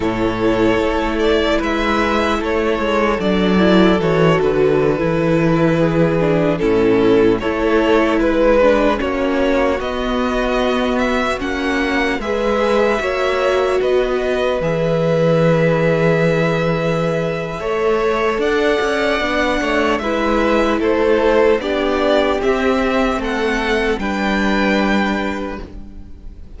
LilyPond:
<<
  \new Staff \with { instrumentName = "violin" } { \time 4/4 \tempo 4 = 75 cis''4. d''8 e''4 cis''4 | d''4 cis''8 b'2~ b'8~ | b'16 a'4 cis''4 b'4 cis''8.~ | cis''16 dis''4. e''8 fis''4 e''8.~ |
e''4~ e''16 dis''4 e''4.~ e''16~ | e''2. fis''4~ | fis''4 e''4 c''4 d''4 | e''4 fis''4 g''2 | }
  \new Staff \with { instrumentName = "violin" } { \time 4/4 a'2 b'4 a'4~ | a'2.~ a'16 gis'8.~ | gis'16 e'4 a'4 b'4 fis'8.~ | fis'2.~ fis'16 b'8.~ |
b'16 cis''4 b'2~ b'8.~ | b'2 cis''4 d''4~ | d''8 cis''8 b'4 a'4 g'4~ | g'4 a'4 b'2 | }
  \new Staff \with { instrumentName = "viola" } { \time 4/4 e'1 | d'8 e'8 fis'4~ fis'16 e'4. d'16~ | d'16 cis'4 e'4. d'8 cis'8.~ | cis'16 b2 cis'4 gis'8.~ |
gis'16 fis'2 gis'4.~ gis'16~ | gis'2 a'2 | d'4 e'2 d'4 | c'2 d'2 | }
  \new Staff \with { instrumentName = "cello" } { \time 4/4 a,4 a4 gis4 a8 gis8 | fis4 e8 d8. e4.~ e16~ | e16 a,4 a4 gis4 ais8.~ | ais16 b2 ais4 gis8.~ |
gis16 ais4 b4 e4.~ e16~ | e2 a4 d'8 cis'8 | b8 a8 gis4 a4 b4 | c'4 a4 g2 | }
>>